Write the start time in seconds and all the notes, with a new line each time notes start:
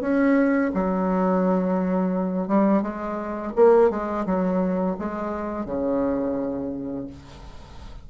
0.00 C#4
0.74 F#3
2.47 G3
2.82 G#3
3.55 A#3
3.90 G#3
4.25 F#3
4.99 G#3
5.65 C#3